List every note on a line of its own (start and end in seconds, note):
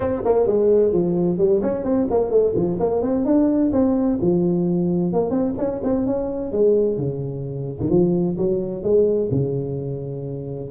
0.00 0.22 C4
0.24 0.46 A#3
0.46 0.93 G#3
0.93 1.38 F3
1.38 1.61 G3
1.62 1.84 C#4
1.84 2.07 C4
2.10 2.30 A#3
2.30 2.53 A3
2.55 2.78 F3
2.79 3.01 A#3
3.01 3.25 C4
3.25 3.71 D4
3.72 4.18 C4
4.21 5.13 F3
5.13 5.30 A#3
5.30 5.53 C4
5.58 5.81 C#4
5.83 6.06 C4
6.06 6.52 C#4
6.52 6.97 G#3
6.97 7.78 C#3
7.80 7.90 D#3
7.90 8.36 F3
8.37 8.83 F#3
8.83 9.29 G#3
9.31 10.70 C#3